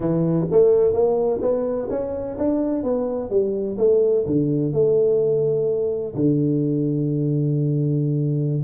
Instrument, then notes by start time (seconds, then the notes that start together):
tuba
0.00 E3
0.51 A3
0.93 A#3
1.41 B3
1.89 C#4
2.38 D4
2.83 B3
3.29 G3
3.77 A3
4.26 D3
4.72 A3
6.15 D3